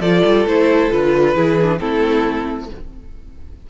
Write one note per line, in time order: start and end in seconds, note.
0.00 0.22 F3
0.00 0.48 F4
0.00 1.34 A4
0.00 0.46 D5
0.25 0.46 G3
0.46 0.90 A3
0.46 0.91 E4
0.46 0.92 C5
0.91 1.35 D3
0.91 1.36 F4
0.91 1.79 B4
1.35 1.80 E3
1.35 1.58 E4
1.35 1.79 G#4
1.62 1.79 D4
1.79 2.70 A3
1.79 2.68 C4
1.79 2.70 E4
1.79 2.68 A4